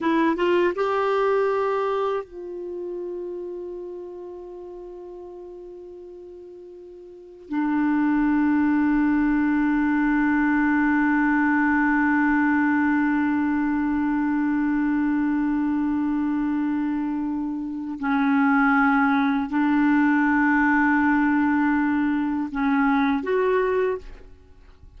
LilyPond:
\new Staff \with { instrumentName = "clarinet" } { \time 4/4 \tempo 4 = 80 e'8 f'8 g'2 f'4~ | f'1~ | f'2 d'2~ | d'1~ |
d'1~ | d'1 | cis'2 d'2~ | d'2 cis'4 fis'4 | }